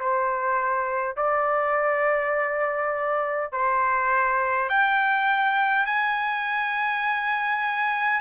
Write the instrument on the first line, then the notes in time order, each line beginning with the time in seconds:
trumpet
0.00 C5
1.17 D5
3.52 C5
4.70 G5
5.87 G#5